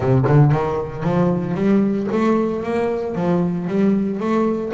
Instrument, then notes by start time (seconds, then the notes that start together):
double bass
0.00 C3
0.27 D3
0.51 D#3
1.03 F3
1.54 G3
2.12 A3
2.63 A#3
3.15 F3
3.67 G3
4.19 A3